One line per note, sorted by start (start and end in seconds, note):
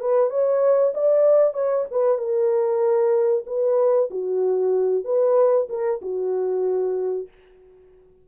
0.00 0.30 B4
0.30 0.93 C#5
0.94 1.54 D5
1.54 1.85 C#5
1.91 2.18 B4
2.18 3.44 A#4
3.47 4.10 B4
4.11 5.04 F#4
5.04 5.68 B4
5.69 6.01 A#4
6.01 7.28 F#4